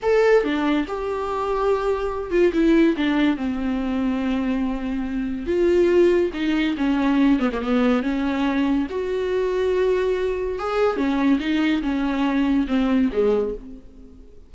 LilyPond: \new Staff \with { instrumentName = "viola" } { \time 4/4 \tempo 4 = 142 a'4 d'4 g'2~ | g'4. f'8 e'4 d'4 | c'1~ | c'4 f'2 dis'4 |
cis'4. b16 ais16 b4 cis'4~ | cis'4 fis'2.~ | fis'4 gis'4 cis'4 dis'4 | cis'2 c'4 gis4 | }